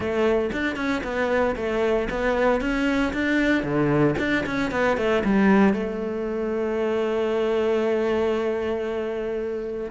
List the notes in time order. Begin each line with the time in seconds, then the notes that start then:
0.00 A3
0.52 D4
0.76 C#4
1.03 B3
1.56 A3
2.09 B3
2.60 C#4
3.13 D4
3.63 D3
4.18 D4
4.46 C#4
4.71 B3
4.97 A3
5.24 G3
5.73 A3